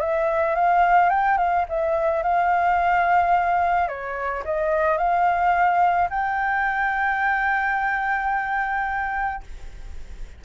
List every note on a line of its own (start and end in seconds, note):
0.00 0.55 E5
0.55 1.10 F5
1.10 1.37 G5
1.38 1.65 F5
1.69 2.23 E5
2.23 3.88 F5
3.88 4.43 C#5
4.45 4.97 D#5
4.97 6.09 F5
6.10 9.43 G5